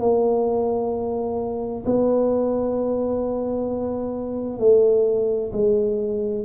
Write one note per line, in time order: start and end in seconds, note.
0.00 1.85 A#3
1.86 4.59 B3
4.59 5.52 A3
5.53 6.45 G#3